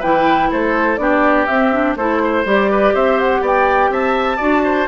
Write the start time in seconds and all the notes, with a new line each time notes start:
0.00 E3 E4 B4 G5
0.51 A3 A4 C5
0.97 B3 D4 G4 D5
1.47 C4 E5
1.73 D4
1.96 A3 E4 A4 C5
2.23 C5
2.46 G3 G4 D5
2.72 B4
2.94 C4 C5 E5
3.20 F#5
3.42 B3 D5 G5
3.90 C4 E5 A5
4.37 D4 F#4 D5
4.65 C5